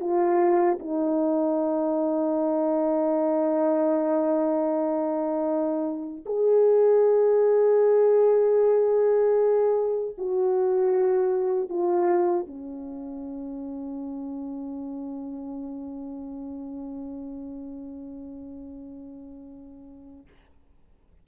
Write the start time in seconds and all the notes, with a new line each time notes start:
0.00 F4
0.79 D#4
6.26 G#4
10.18 F#4
11.69 F4
12.47 C#4